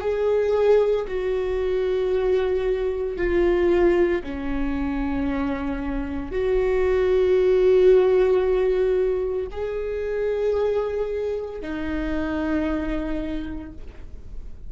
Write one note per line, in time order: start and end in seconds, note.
0.00 1.05 G#4
1.07 3.17 F#4
3.17 4.22 F4
4.23 6.31 C#4
6.31 9.46 F#4
9.51 11.61 G#4
11.61 13.72 D#4